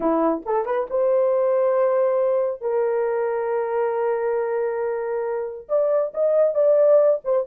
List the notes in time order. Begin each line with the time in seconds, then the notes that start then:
0.00 E4
0.45 A4
0.65 B4
0.90 C5
2.61 A#4
5.68 D5
6.13 D#5
6.54 D5
7.24 C5